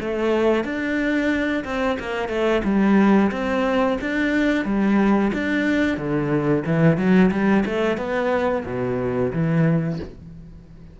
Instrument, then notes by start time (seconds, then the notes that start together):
cello
0.00 A3
0.64 D4
1.64 C4
1.99 A#3
2.28 A3
2.64 G3
3.31 C4
4.01 D4
4.65 G3
5.33 D4
5.97 D3
6.66 E3
6.97 F#3
7.31 G3
7.65 A3
7.97 B3
8.65 B2
9.32 E3